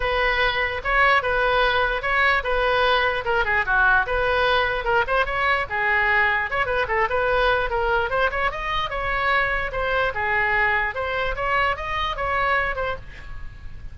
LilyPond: \new Staff \with { instrumentName = "oboe" } { \time 4/4 \tempo 4 = 148 b'2 cis''4 b'4~ | b'4 cis''4 b'2 | ais'8 gis'8 fis'4 b'2 | ais'8 c''8 cis''4 gis'2 |
cis''8 b'8 a'8 b'4. ais'4 | c''8 cis''8 dis''4 cis''2 | c''4 gis'2 c''4 | cis''4 dis''4 cis''4. c''8 | }